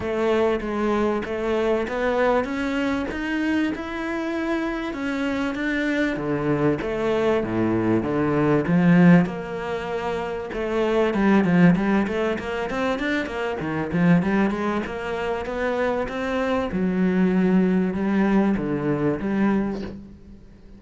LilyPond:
\new Staff \with { instrumentName = "cello" } { \time 4/4 \tempo 4 = 97 a4 gis4 a4 b4 | cis'4 dis'4 e'2 | cis'4 d'4 d4 a4 | a,4 d4 f4 ais4~ |
ais4 a4 g8 f8 g8 a8 | ais8 c'8 d'8 ais8 dis8 f8 g8 gis8 | ais4 b4 c'4 fis4~ | fis4 g4 d4 g4 | }